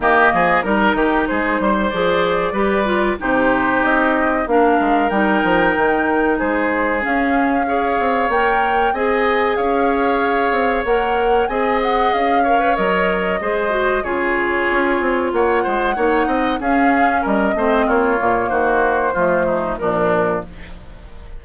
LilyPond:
<<
  \new Staff \with { instrumentName = "flute" } { \time 4/4 \tempo 4 = 94 dis''4 ais'4 c''4 d''4~ | d''4 c''4 dis''4 f''4 | g''2 c''4 f''4~ | f''4 g''4 gis''4 f''4~ |
f''4 fis''4 gis''8 fis''8 f''4 | dis''2 cis''2 | fis''2 f''4 dis''4 | cis''4 c''2 ais'4 | }
  \new Staff \with { instrumentName = "oboe" } { \time 4/4 g'8 gis'8 ais'8 g'8 gis'8 c''4. | b'4 g'2 ais'4~ | ais'2 gis'2 | cis''2 dis''4 cis''4~ |
cis''2 dis''4. cis''8~ | cis''4 c''4 gis'2 | cis''8 c''8 cis''8 dis''8 gis'4 ais'8 c''8 | f'4 fis'4 f'8 dis'8 d'4 | }
  \new Staff \with { instrumentName = "clarinet" } { \time 4/4 ais4 dis'2 gis'4 | g'8 f'8 dis'2 d'4 | dis'2. cis'4 | gis'4 ais'4 gis'2~ |
gis'4 ais'4 gis'4. ais'16 b'16 | ais'4 gis'8 fis'8 f'2~ | f'4 dis'4 cis'4. c'8~ | c'8 ais4. a4 f4 | }
  \new Staff \with { instrumentName = "bassoon" } { \time 4/4 dis8 f8 g8 dis8 gis8 g8 f4 | g4 c4 c'4 ais8 gis8 | g8 f8 dis4 gis4 cis'4~ | cis'8 c'8 ais4 c'4 cis'4~ |
cis'8 c'8 ais4 c'4 cis'4 | fis4 gis4 cis4 cis'8 c'8 | ais8 gis8 ais8 c'8 cis'4 g8 a8 | ais8 ais,8 dis4 f4 ais,4 | }
>>